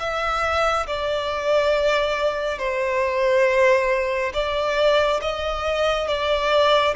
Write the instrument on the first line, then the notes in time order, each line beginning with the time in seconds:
violin
0.00 E5
0.87 D5
2.59 C5
4.34 D5
5.22 D#5
6.08 D5